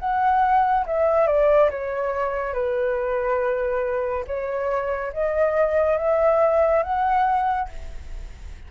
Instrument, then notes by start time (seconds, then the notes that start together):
flute
0.00 F#5
0.87 E5
1.27 D5
1.71 C#5
2.54 B4
4.27 C#5
5.14 D#5
5.98 E5
6.83 F#5